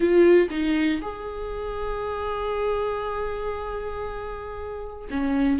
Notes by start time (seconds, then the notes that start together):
0.00 F4
0.50 D#4
1.01 G#4
5.10 C#4